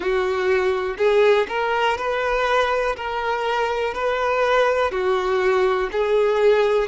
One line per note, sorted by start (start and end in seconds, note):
0.00 0.96 F#4
0.97 1.47 G#4
1.48 1.97 A#4
1.97 2.96 B4
2.96 3.93 A#4
3.93 4.91 B4
4.91 5.89 F#4
5.92 6.88 G#4